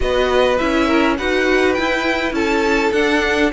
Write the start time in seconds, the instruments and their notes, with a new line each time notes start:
0.00 cello B3, viola F#4, violin B4 D#5
0.58 cello C#4, viola E4, violin E5
0.86 violin A#4
1.17 cello D#4, viola F#4, violin B4 F#5
1.73 viola E4, cello E4, violin G5
2.32 cello C#4, violin A4 A5
2.92 cello D4, viola D4, violin F#5